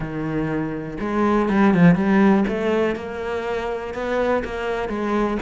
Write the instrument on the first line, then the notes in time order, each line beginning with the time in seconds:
cello
0.00 D#3
1.00 G#3
1.49 G3
1.73 F3
1.95 G3
2.48 A3
2.95 A#3
3.93 B3
4.44 A#3
4.88 G#3